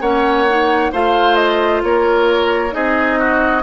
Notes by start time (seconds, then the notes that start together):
0.00 A#3 C#4 C#5 F#5
0.48 D#4
0.91 A3 F4 C5 F5
1.35 D#5
1.83 A#3 A#4 C#5
2.71 C4 D#4 G#4 D#5
3.19 F#4